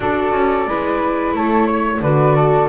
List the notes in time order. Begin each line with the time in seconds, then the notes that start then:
0.00 D4 F#4 A4 D5
0.33 C#4
0.66 G#3 E4 B4
1.32 A3 A4 C#5
1.66 C#5
2.00 D3 F#4 B4 D5
2.35 A4